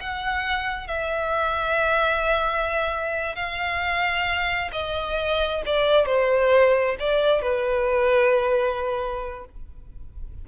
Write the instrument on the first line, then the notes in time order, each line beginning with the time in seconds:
violin
0.00 F#5
0.87 E5
3.35 F5
4.72 D#5
5.66 D5
6.06 C5
6.99 D5
7.42 B4